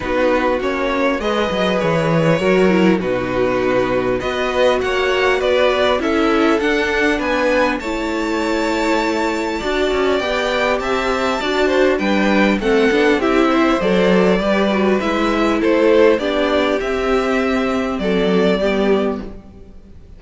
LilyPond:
<<
  \new Staff \with { instrumentName = "violin" } { \time 4/4 \tempo 4 = 100 b'4 cis''4 dis''4 cis''4~ | cis''4 b'2 dis''4 | fis''4 d''4 e''4 fis''4 | gis''4 a''2.~ |
a''4 g''4 a''2 | g''4 fis''4 e''4 d''4~ | d''4 e''4 c''4 d''4 | e''2 d''2 | }
  \new Staff \with { instrumentName = "violin" } { \time 4/4 fis'2 b'2 | ais'4 fis'2 b'4 | cis''4 b'4 a'2 | b'4 cis''2. |
d''2 e''4 d''8 c''8 | b'4 a'4 g'8 c''4. | b'2 a'4 g'4~ | g'2 a'4 g'4 | }
  \new Staff \with { instrumentName = "viola" } { \time 4/4 dis'4 cis'4 gis'2 | fis'8 e'8 dis'2 fis'4~ | fis'2 e'4 d'4~ | d'4 e'2. |
fis'4 g'2 fis'4 | d'4 c'8 d'8 e'4 a'4 | g'8 fis'8 e'2 d'4 | c'2. b4 | }
  \new Staff \with { instrumentName = "cello" } { \time 4/4 b4 ais4 gis8 fis8 e4 | fis4 b,2 b4 | ais4 b4 cis'4 d'4 | b4 a2. |
d'8 cis'8 b4 c'4 d'4 | g4 a8 b8 c'4 fis4 | g4 gis4 a4 b4 | c'2 fis4 g4 | }
>>